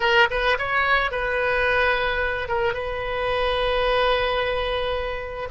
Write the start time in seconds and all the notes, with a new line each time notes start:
0.00 A#4
0.30 B4
0.58 C#5
1.11 B4
2.48 A#4
2.73 B4